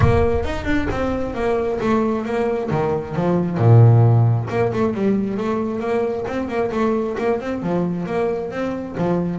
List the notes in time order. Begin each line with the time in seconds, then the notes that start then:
0.00 A#3
0.45 D#4
0.64 D4
0.91 C4
1.34 A#3
1.80 A3
2.25 A#3
2.70 D#3
3.15 F3
3.57 A#2
4.49 A#3
4.72 A3
4.94 G3
5.37 A3
5.80 A#3
6.27 C4
6.48 A#3
6.71 A3
7.18 A#3
7.40 C4
7.62 F3
8.06 A#3
8.50 C4
8.97 F3